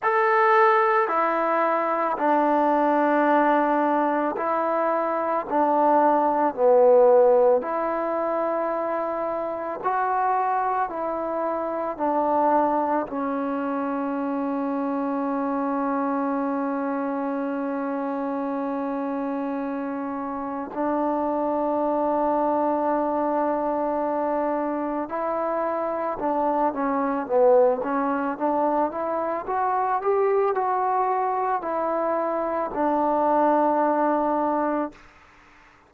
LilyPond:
\new Staff \with { instrumentName = "trombone" } { \time 4/4 \tempo 4 = 55 a'4 e'4 d'2 | e'4 d'4 b4 e'4~ | e'4 fis'4 e'4 d'4 | cis'1~ |
cis'2. d'4~ | d'2. e'4 | d'8 cis'8 b8 cis'8 d'8 e'8 fis'8 g'8 | fis'4 e'4 d'2 | }